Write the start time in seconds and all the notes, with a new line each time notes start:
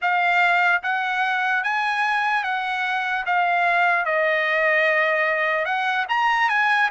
0.01 F5
0.83 F#5
1.63 G#5
2.43 F#5
3.25 F5
4.05 D#5
5.65 F#5
6.08 A#5
6.49 G#5